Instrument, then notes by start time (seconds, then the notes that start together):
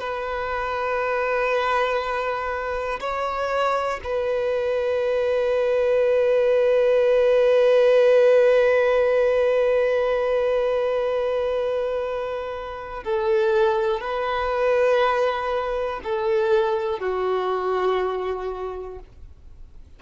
violin
0.00 B4
3.00 C#5
4.05 B4
13.05 A4
14.01 B4
16.04 A4
17.00 F#4